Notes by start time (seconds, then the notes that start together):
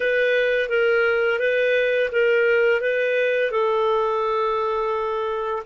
0.00 B4
0.69 A#4
1.39 B4
2.11 A#4
2.80 B4
3.51 A4